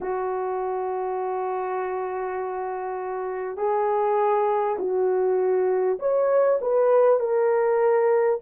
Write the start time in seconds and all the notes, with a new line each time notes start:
0.00 F#4
3.56 G#4
4.78 F#4
5.99 C#5
6.61 B4
7.19 A#4